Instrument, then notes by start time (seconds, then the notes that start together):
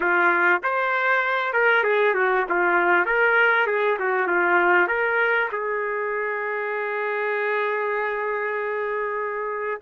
trumpet
0.00 F4
0.63 C5
1.53 A#4
1.83 G#4
2.14 F#4
2.49 F4
3.05 A#4
3.67 G#4
3.99 F#4
4.27 F4
4.87 A#4
5.52 G#4